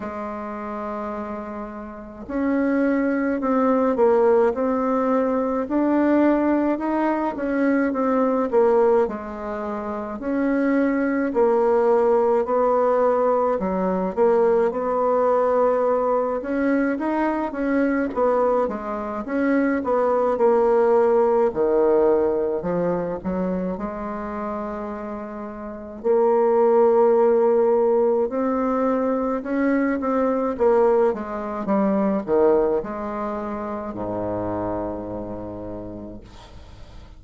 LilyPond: \new Staff \with { instrumentName = "bassoon" } { \time 4/4 \tempo 4 = 53 gis2 cis'4 c'8 ais8 | c'4 d'4 dis'8 cis'8 c'8 ais8 | gis4 cis'4 ais4 b4 | fis8 ais8 b4. cis'8 dis'8 cis'8 |
b8 gis8 cis'8 b8 ais4 dis4 | f8 fis8 gis2 ais4~ | ais4 c'4 cis'8 c'8 ais8 gis8 | g8 dis8 gis4 gis,2 | }